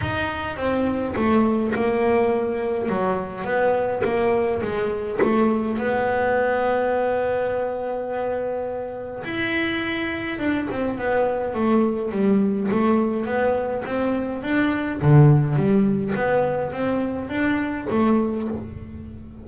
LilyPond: \new Staff \with { instrumentName = "double bass" } { \time 4/4 \tempo 4 = 104 dis'4 c'4 a4 ais4~ | ais4 fis4 b4 ais4 | gis4 a4 b2~ | b1 |
e'2 d'8 c'8 b4 | a4 g4 a4 b4 | c'4 d'4 d4 g4 | b4 c'4 d'4 a4 | }